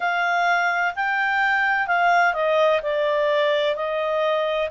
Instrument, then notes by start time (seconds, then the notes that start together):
clarinet
0.00 F5
0.95 G5
1.87 F5
2.34 D#5
2.82 D5
3.75 D#5